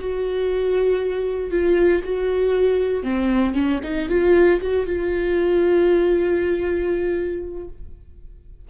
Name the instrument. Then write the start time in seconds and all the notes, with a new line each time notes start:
viola
0.00 F#4
1.51 F4
2.04 F#4
3.04 C4
3.55 C#4
3.84 D#4
4.09 F4
4.61 F#4
4.86 F4